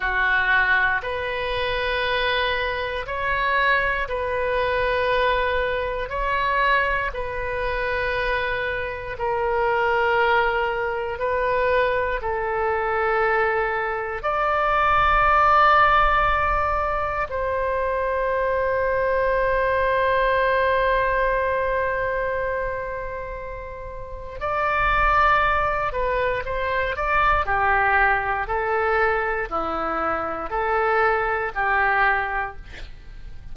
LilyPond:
\new Staff \with { instrumentName = "oboe" } { \time 4/4 \tempo 4 = 59 fis'4 b'2 cis''4 | b'2 cis''4 b'4~ | b'4 ais'2 b'4 | a'2 d''2~ |
d''4 c''2.~ | c''1 | d''4. b'8 c''8 d''8 g'4 | a'4 e'4 a'4 g'4 | }